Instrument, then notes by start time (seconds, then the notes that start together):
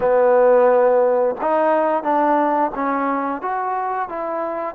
trombone
0.00 B3
1.41 D#4
2.03 D4
2.74 C#4
3.41 F#4
4.08 E4